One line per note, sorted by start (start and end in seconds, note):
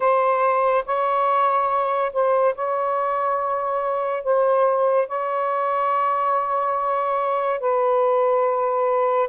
0.00 0.84 C5
0.85 2.12 C#5
2.12 2.55 C5
2.55 4.23 C#5
4.23 5.07 C5
5.08 7.59 C#5
7.59 9.28 B4